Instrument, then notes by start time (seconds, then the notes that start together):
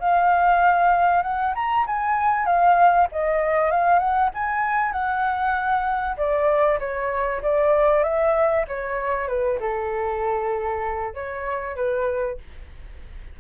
flute
0.00 F5
1.23 F#5
1.55 A#5
1.87 G#5
2.46 F5
3.12 D#5
3.71 F5
3.99 F#5
4.35 G#5
4.93 F#5
6.17 D5
6.80 C#5
7.43 D5
8.04 E5
8.68 C#5
9.28 B4
9.60 A4
11.15 C#5
11.76 B4